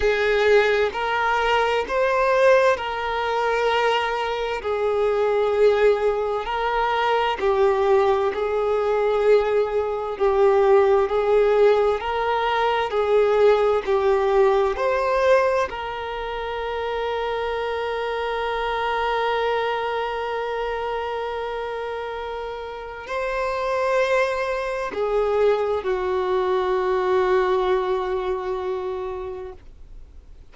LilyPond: \new Staff \with { instrumentName = "violin" } { \time 4/4 \tempo 4 = 65 gis'4 ais'4 c''4 ais'4~ | ais'4 gis'2 ais'4 | g'4 gis'2 g'4 | gis'4 ais'4 gis'4 g'4 |
c''4 ais'2.~ | ais'1~ | ais'4 c''2 gis'4 | fis'1 | }